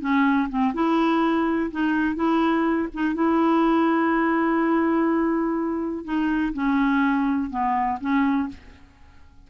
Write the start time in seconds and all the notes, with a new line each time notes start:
0.00 C#4
0.49 C4
0.73 E4
1.71 D#4
2.15 E4
2.93 D#4
3.14 E4
6.04 D#4
6.53 C#4
7.50 B3
8.00 C#4